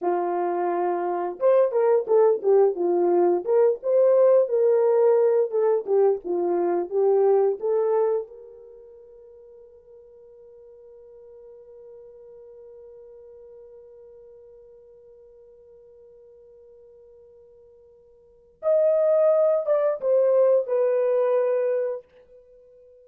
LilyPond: \new Staff \with { instrumentName = "horn" } { \time 4/4 \tempo 4 = 87 f'2 c''8 ais'8 a'8 g'8 | f'4 ais'8 c''4 ais'4. | a'8 g'8 f'4 g'4 a'4 | ais'1~ |
ais'1~ | ais'1~ | ais'2. dis''4~ | dis''8 d''8 c''4 b'2 | }